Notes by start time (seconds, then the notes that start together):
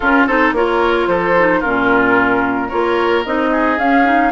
0.00 C#4 F4 A#4
0.27 C4 D#4 A4 C5
0.52 A#3 F4 A#4 C#5
1.07 F3 A4 C5
1.38 D#4
1.60 A#2 C#4 F4 A#4
2.68 A#3 F4 A#4 C#5
3.25 C4 D#4 D#5
3.51 G#4
3.78 C#4 F5
4.04 D#4